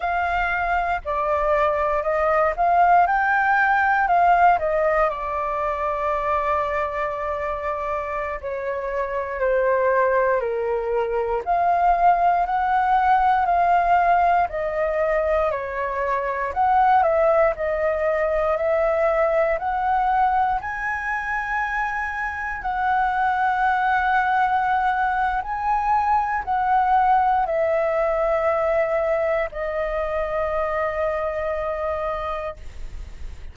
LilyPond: \new Staff \with { instrumentName = "flute" } { \time 4/4 \tempo 4 = 59 f''4 d''4 dis''8 f''8 g''4 | f''8 dis''8 d''2.~ | d''16 cis''4 c''4 ais'4 f''8.~ | f''16 fis''4 f''4 dis''4 cis''8.~ |
cis''16 fis''8 e''8 dis''4 e''4 fis''8.~ | fis''16 gis''2 fis''4.~ fis''16~ | fis''4 gis''4 fis''4 e''4~ | e''4 dis''2. | }